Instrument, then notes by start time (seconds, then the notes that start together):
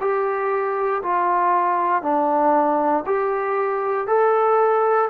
trombone
0.00 G4
1.02 F4
2.02 D4
3.06 G4
4.07 A4